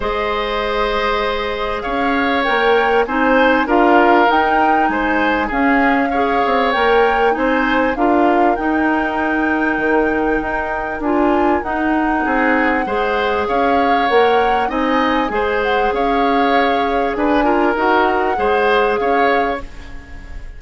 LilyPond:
<<
  \new Staff \with { instrumentName = "flute" } { \time 4/4 \tempo 4 = 98 dis''2. f''4 | g''4 gis''4 f''4 g''4 | gis''4 f''2 g''4 | gis''4 f''4 g''2~ |
g''2 gis''4 fis''4~ | fis''2 f''4 fis''4 | gis''4. fis''8 f''2 | gis''4 fis''2 f''4 | }
  \new Staff \with { instrumentName = "oboe" } { \time 4/4 c''2. cis''4~ | cis''4 c''4 ais'2 | c''4 gis'4 cis''2 | c''4 ais'2.~ |
ais'1 | gis'4 c''4 cis''2 | dis''4 c''4 cis''2 | b'8 ais'4. c''4 cis''4 | }
  \new Staff \with { instrumentName = "clarinet" } { \time 4/4 gis'1 | ais'4 dis'4 f'4 dis'4~ | dis'4 cis'4 gis'4 ais'4 | dis'4 f'4 dis'2~ |
dis'2 f'4 dis'4~ | dis'4 gis'2 ais'4 | dis'4 gis'2.~ | gis'8 f'8 fis'4 gis'2 | }
  \new Staff \with { instrumentName = "bassoon" } { \time 4/4 gis2. cis'4 | ais4 c'4 d'4 dis'4 | gis4 cis'4. c'8 ais4 | c'4 d'4 dis'2 |
dis4 dis'4 d'4 dis'4 | c'4 gis4 cis'4 ais4 | c'4 gis4 cis'2 | d'4 dis'4 gis4 cis'4 | }
>>